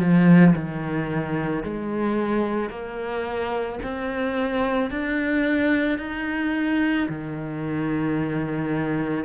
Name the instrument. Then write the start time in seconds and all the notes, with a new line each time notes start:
cello
0.00 F3
0.56 D#3
1.64 G#3
2.70 A#3
3.83 C4
4.90 D4
5.99 D#4
7.09 D#3